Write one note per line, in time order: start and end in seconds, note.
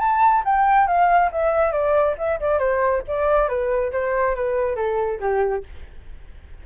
0.00 0.43 A5
0.45 0.88 G5
0.88 1.31 F5
1.32 1.72 E5
1.72 2.16 D5
2.19 2.40 E5
2.41 2.59 D5
2.59 3.03 C5
3.08 3.49 D5
3.49 3.92 B4
3.92 4.36 C5
4.36 4.76 B4
4.76 5.20 A4
5.21 5.64 G4